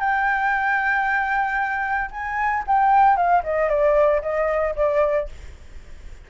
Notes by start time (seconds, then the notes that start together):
0.00 G5
2.11 G#5
2.67 G5
3.17 F5
3.44 D#5
3.69 D5
4.22 D#5
4.76 D5